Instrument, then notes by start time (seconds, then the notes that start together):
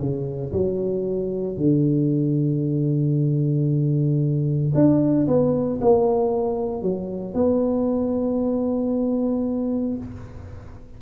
tuba
0.00 C#3
0.53 F#3
1.57 D3
4.75 D4
5.28 B3
5.81 A#3
6.83 F#3
7.35 B3